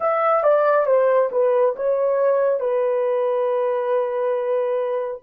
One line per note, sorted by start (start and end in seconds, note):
0.00 0.43 E5
0.43 0.86 D5
0.86 1.29 C5
1.31 1.75 B4
1.75 2.60 C#5
2.60 5.21 B4